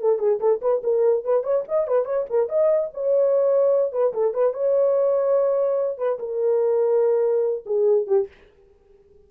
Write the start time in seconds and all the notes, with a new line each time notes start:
0.00 A4
0.19 G#4
0.40 A4
0.62 B4
0.84 A#4
1.24 B4
1.44 C#5
1.68 D#5
1.88 B4
2.05 C#5
2.30 A#4
2.49 D#5
2.94 C#5
3.92 B4
4.14 A4
4.34 B4
4.53 C#5
5.98 B4
6.19 A#4
7.66 G#4
8.07 G4